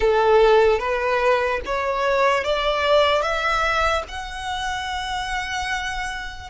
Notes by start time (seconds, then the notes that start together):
0.00 A4
0.79 B4
1.65 C#5
2.44 D5
3.21 E5
4.08 F#5